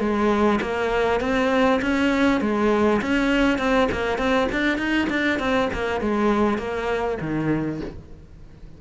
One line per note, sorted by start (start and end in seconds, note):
0.00 0.60 G#3
0.62 1.21 A#3
1.21 1.81 C4
1.82 2.41 C#4
2.41 3.01 G#3
3.02 3.59 C#4
3.59 3.89 C4
3.92 4.18 A#3
4.18 4.48 C4
4.52 4.79 D4
4.79 5.09 D#4
5.10 5.39 D4
5.39 5.69 C4
5.74 6.01 A#3
6.01 6.58 G#3
6.58 7.18 A#3
7.21 7.81 D#3